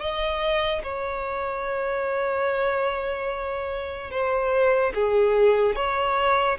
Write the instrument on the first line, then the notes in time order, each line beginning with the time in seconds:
violin
0.00 D#5
0.83 C#5
4.11 C5
4.94 G#4
5.76 C#5